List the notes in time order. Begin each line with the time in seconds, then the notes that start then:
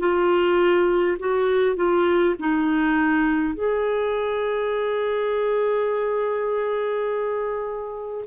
0.00 F4
1.20 F#4
1.76 F4
2.40 D#4
3.55 G#4